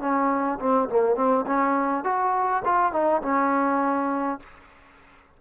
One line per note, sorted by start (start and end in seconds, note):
0.00 0.59 C#4
0.59 0.89 C4
0.89 1.16 A#3
1.16 1.45 C4
1.47 2.04 C#4
2.04 2.63 F#4
2.65 2.92 F4
2.92 3.22 D#4
3.22 4.40 C#4